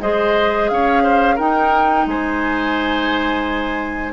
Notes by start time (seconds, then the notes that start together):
0.00 G#3 G#4 C5 D#5
0.69 C#4 C#5 F5
1.03 C5
1.35 D#4 A#4 G5
2.06 G#3 C5 G#5